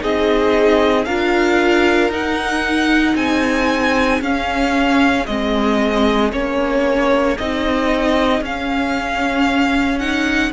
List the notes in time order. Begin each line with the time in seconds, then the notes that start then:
0.00 C4 D#4 G#4 D#5
1.05 D4 F4 A#4 F5
2.09 D#4 F#5
3.15 C4 G#4 G#5
4.21 C#4 F5
5.26 G#3 C4 D#5
6.31 A#3 C#4 C#5
7.37 C4 D#4 D#5
8.40 C#4 F5
9.99 D#4 F#5